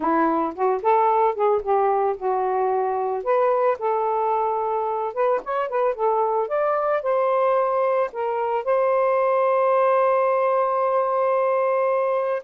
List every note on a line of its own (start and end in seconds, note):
0.00 0.54 E4
0.55 0.82 F#4
0.82 1.34 A4
1.34 1.61 G#4
1.62 2.16 G4
2.16 3.23 F#4
3.23 3.77 B4
3.78 5.13 A4
5.13 5.40 B4
5.44 5.69 C#5
5.69 5.94 B4
5.94 6.48 A4
6.48 7.02 D5
7.02 8.10 C5
8.12 8.64 A#4
8.64 12.43 C5